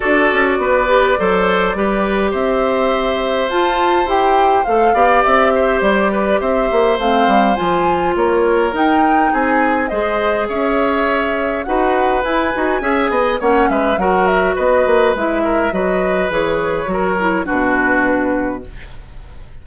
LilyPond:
<<
  \new Staff \with { instrumentName = "flute" } { \time 4/4 \tempo 4 = 103 d''1 | e''2 a''4 g''4 | f''4 e''4 d''4 e''4 | f''4 gis''4 cis''4 g''4 |
gis''4 dis''4 e''2 | fis''4 gis''2 fis''8 e''8 | fis''8 e''8 dis''4 e''4 dis''4 | cis''2 b'2 | }
  \new Staff \with { instrumentName = "oboe" } { \time 4/4 a'4 b'4 c''4 b'4 | c''1~ | c''8 d''4 c''4 b'8 c''4~ | c''2 ais'2 |
gis'4 c''4 cis''2 | b'2 e''8 dis''8 cis''8 b'8 | ais'4 b'4. ais'8 b'4~ | b'4 ais'4 fis'2 | }
  \new Staff \with { instrumentName = "clarinet" } { \time 4/4 fis'4. g'8 a'4 g'4~ | g'2 f'4 g'4 | a'8 g'2.~ g'8 | c'4 f'2 dis'4~ |
dis'4 gis'2. | fis'4 e'8 fis'8 gis'4 cis'4 | fis'2 e'4 fis'4 | gis'4 fis'8 e'8 d'2 | }
  \new Staff \with { instrumentName = "bassoon" } { \time 4/4 d'8 cis'8 b4 fis4 g4 | c'2 f'4 e'4 | a8 b8 c'4 g4 c'8 ais8 | a8 g8 f4 ais4 dis'4 |
c'4 gis4 cis'2 | dis'4 e'8 dis'8 cis'8 b8 ais8 gis8 | fis4 b8 ais8 gis4 fis4 | e4 fis4 b,2 | }
>>